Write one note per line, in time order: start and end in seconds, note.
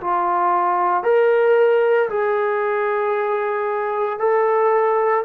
0.00 1.03 F4
1.03 2.09 A#4
2.09 4.19 G#4
4.19 5.24 A4